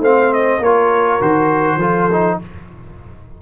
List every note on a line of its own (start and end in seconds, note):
0.00 0.59 A3
0.00 0.62 C4
0.00 0.59 C5
0.00 0.34 F5
0.34 0.63 D#5
0.59 1.19 A#3
0.59 1.21 F4
0.59 1.78 A#4
0.59 1.22 C#5
1.21 1.77 D#3
1.21 1.80 F#4
1.21 2.41 C5
1.77 2.36 F3
1.77 2.11 F4
1.77 2.38 A4
2.12 2.42 D#4